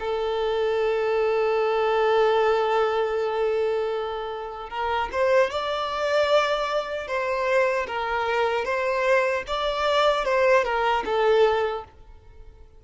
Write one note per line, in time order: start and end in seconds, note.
0.00 4.70 A4
4.70 5.10 A#4
5.12 5.51 C5
5.51 7.08 D5
7.08 7.87 C5
7.88 8.65 A#4
8.65 9.44 C5
9.48 10.25 D5
10.25 10.65 C5
10.65 11.04 A#4
11.06 11.85 A4